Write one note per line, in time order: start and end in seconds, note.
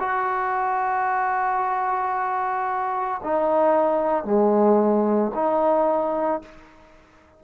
0.00 3.21 F#4
3.24 4.25 D#4
4.25 5.32 G#3
5.35 6.42 D#4